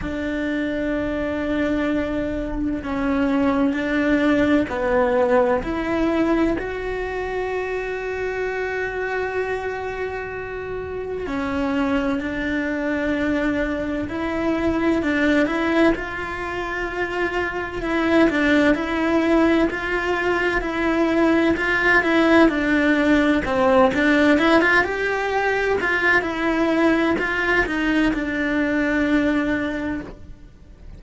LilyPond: \new Staff \with { instrumentName = "cello" } { \time 4/4 \tempo 4 = 64 d'2. cis'4 | d'4 b4 e'4 fis'4~ | fis'1 | cis'4 d'2 e'4 |
d'8 e'8 f'2 e'8 d'8 | e'4 f'4 e'4 f'8 e'8 | d'4 c'8 d'8 e'16 f'16 g'4 f'8 | e'4 f'8 dis'8 d'2 | }